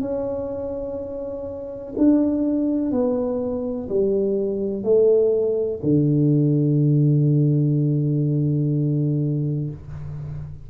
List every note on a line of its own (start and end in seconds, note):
0.00 1.94 C#4
1.97 2.91 D4
2.91 3.88 B3
3.89 4.83 G3
4.83 5.80 A3
5.83 9.70 D3